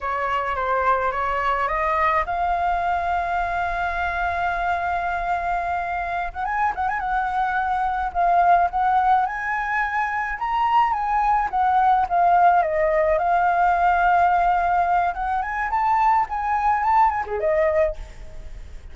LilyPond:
\new Staff \with { instrumentName = "flute" } { \time 4/4 \tempo 4 = 107 cis''4 c''4 cis''4 dis''4 | f''1~ | f''2.~ f''16 fis''16 gis''8 | fis''16 gis''16 fis''2 f''4 fis''8~ |
fis''8 gis''2 ais''4 gis''8~ | gis''8 fis''4 f''4 dis''4 f''8~ | f''2. fis''8 gis''8 | a''4 gis''4 a''8 gis''16 gis'16 dis''4 | }